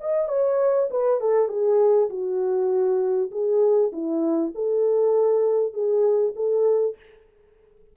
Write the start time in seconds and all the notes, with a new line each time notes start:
0.00 D#5
0.29 C#5
0.90 B4
1.21 A4
1.48 G#4
2.10 F#4
3.31 G#4
3.92 E4
4.55 A4
5.73 G#4
6.36 A4